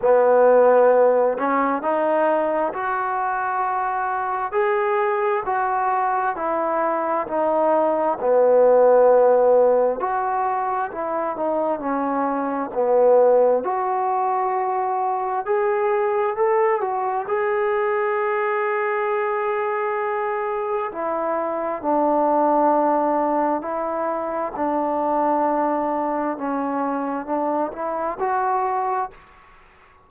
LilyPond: \new Staff \with { instrumentName = "trombone" } { \time 4/4 \tempo 4 = 66 b4. cis'8 dis'4 fis'4~ | fis'4 gis'4 fis'4 e'4 | dis'4 b2 fis'4 | e'8 dis'8 cis'4 b4 fis'4~ |
fis'4 gis'4 a'8 fis'8 gis'4~ | gis'2. e'4 | d'2 e'4 d'4~ | d'4 cis'4 d'8 e'8 fis'4 | }